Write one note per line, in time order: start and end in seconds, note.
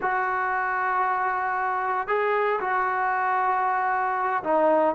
0.01 2.07 F#4
2.07 2.59 G#4
2.60 4.43 F#4
4.43 4.95 D#4